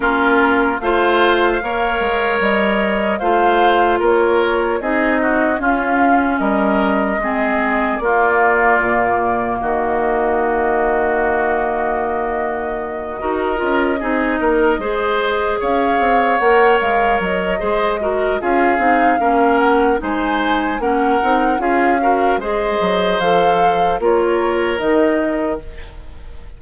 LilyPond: <<
  \new Staff \with { instrumentName = "flute" } { \time 4/4 \tempo 4 = 75 ais'4 f''2 dis''4 | f''4 cis''4 dis''4 f''4 | dis''2 d''2 | dis''1~ |
dis''2.~ dis''8 f''8~ | f''8 fis''8 f''8 dis''4. f''4~ | f''8 fis''8 gis''4 fis''4 f''4 | dis''4 f''4 cis''4 dis''4 | }
  \new Staff \with { instrumentName = "oboe" } { \time 4/4 f'4 c''4 cis''2 | c''4 ais'4 gis'8 fis'8 f'4 | ais'4 gis'4 f'2 | fis'1~ |
fis'8 ais'4 gis'8 ais'8 c''4 cis''8~ | cis''2 c''8 ais'8 gis'4 | ais'4 c''4 ais'4 gis'8 ais'8 | c''2 ais'2 | }
  \new Staff \with { instrumentName = "clarinet" } { \time 4/4 cis'4 f'4 ais'2 | f'2 dis'4 cis'4~ | cis'4 c'4 ais2~ | ais1~ |
ais8 fis'8 f'8 dis'4 gis'4.~ | gis'8 ais'4. gis'8 fis'8 f'8 dis'8 | cis'4 dis'4 cis'8 dis'8 f'8 fis'8 | gis'4 a'4 f'4 dis'4 | }
  \new Staff \with { instrumentName = "bassoon" } { \time 4/4 ais4 a4 ais8 gis8 g4 | a4 ais4 c'4 cis'4 | g4 gis4 ais4 ais,4 | dis1~ |
dis8 dis'8 cis'8 c'8 ais8 gis4 cis'8 | c'8 ais8 gis8 fis8 gis4 cis'8 c'8 | ais4 gis4 ais8 c'8 cis'4 | gis8 fis8 f4 ais4 dis4 | }
>>